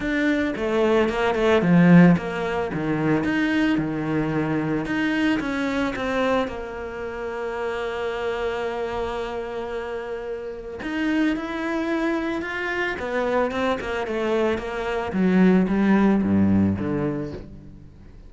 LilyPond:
\new Staff \with { instrumentName = "cello" } { \time 4/4 \tempo 4 = 111 d'4 a4 ais8 a8 f4 | ais4 dis4 dis'4 dis4~ | dis4 dis'4 cis'4 c'4 | ais1~ |
ais1 | dis'4 e'2 f'4 | b4 c'8 ais8 a4 ais4 | fis4 g4 g,4 d4 | }